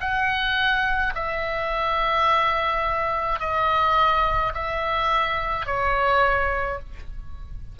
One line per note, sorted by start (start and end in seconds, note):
0.00 1.13 F#5
1.15 3.39 E5
3.39 4.52 D#5
4.54 5.66 E5
5.66 6.79 C#5